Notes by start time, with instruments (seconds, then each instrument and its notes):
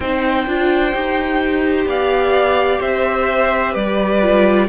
0.00 cello C4, viola D#4, violin C5 G5
0.46 cello D4, viola F4
0.93 cello D#4, viola G4
1.85 cello B3, violin D5 F5
2.79 cello C4, violin C5 E5
3.72 cello G3, violin B4 D5
4.21 viola F4